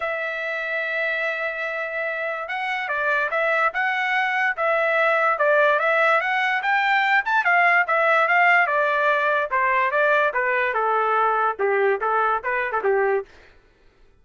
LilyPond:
\new Staff \with { instrumentName = "trumpet" } { \time 4/4 \tempo 4 = 145 e''1~ | e''2 fis''4 d''4 | e''4 fis''2 e''4~ | e''4 d''4 e''4 fis''4 |
g''4. a''8 f''4 e''4 | f''4 d''2 c''4 | d''4 b'4 a'2 | g'4 a'4 b'8. a'16 g'4 | }